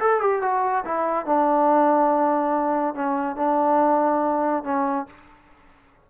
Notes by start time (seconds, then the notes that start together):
0.00 A4
0.21 G4
0.42 F#4
0.85 E4
1.26 D4
2.95 C#4
3.36 D4
4.64 C#4